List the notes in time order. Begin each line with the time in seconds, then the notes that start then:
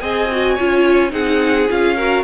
0.00 C4 G#4 D#5 G#5
0.31 F#4
0.55 C#4 F4 C#5
1.10 C4 D#4 G#4 F#5
1.69 C#4 F4 F5
1.96 F#4 A#4